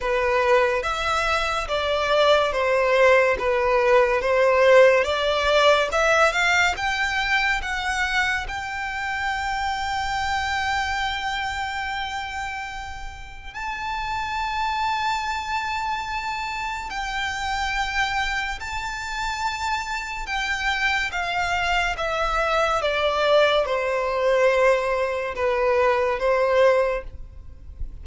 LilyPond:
\new Staff \with { instrumentName = "violin" } { \time 4/4 \tempo 4 = 71 b'4 e''4 d''4 c''4 | b'4 c''4 d''4 e''8 f''8 | g''4 fis''4 g''2~ | g''1 |
a''1 | g''2 a''2 | g''4 f''4 e''4 d''4 | c''2 b'4 c''4 | }